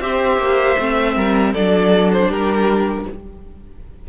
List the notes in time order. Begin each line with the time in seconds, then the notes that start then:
0.00 C4 G4 C5 E5
0.37 A#3
0.78 A3 C4
1.16 G3 A#4
1.53 F#3 D4 A4 D5
2.12 C5
2.28 G3 G4 A#4